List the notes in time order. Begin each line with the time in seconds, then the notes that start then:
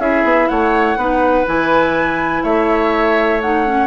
0.00 C#4 E4 G#4 E5
0.24 B3
0.48 A3 C#5 F#5
0.97 B3 D#4 B4
1.46 E3 E4 G#5
2.44 A3 C#5 E5
3.42 D#4 F#5
3.66 C#4